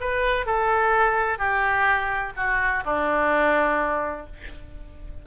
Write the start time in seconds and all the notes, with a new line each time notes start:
0.00 B4
0.46 A4
1.38 G4
2.36 F#4
2.84 D4